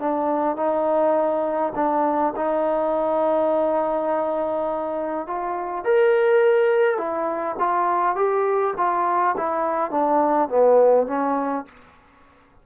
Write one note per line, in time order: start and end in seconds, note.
0.00 0.56 D4
0.56 1.73 D#4
1.75 2.34 D4
2.36 5.27 D#4
5.27 5.84 F4
5.84 6.98 A#4
6.98 7.56 E4
7.59 8.16 F4
8.16 8.74 G4
8.77 9.36 F4
9.37 9.91 E4
9.91 10.49 D4
10.49 11.07 B3
11.07 11.65 C#4